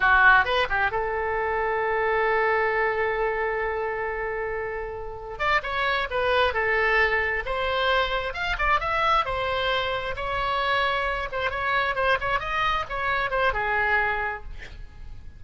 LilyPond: \new Staff \with { instrumentName = "oboe" } { \time 4/4 \tempo 4 = 133 fis'4 b'8 g'8 a'2~ | a'1~ | a'1 | d''8 cis''4 b'4 a'4.~ |
a'8 c''2 f''8 d''8 e''8~ | e''8 c''2 cis''4.~ | cis''4 c''8 cis''4 c''8 cis''8 dis''8~ | dis''8 cis''4 c''8 gis'2 | }